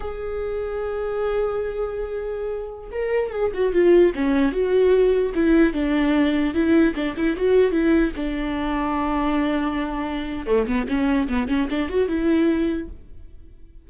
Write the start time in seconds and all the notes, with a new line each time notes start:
0.00 G#4
2.91 A#4
3.31 G#4
3.54 F#4
3.72 F4
4.15 C#4
4.52 F#4
5.34 E4
5.73 D4
6.54 E4
6.94 D4
7.16 E4
7.36 F#4
7.71 E4
8.16 D4
10.46 A3
10.67 B3
10.87 C#4
11.28 B3
11.48 C#4
11.70 D4
11.89 F#4
12.07 E4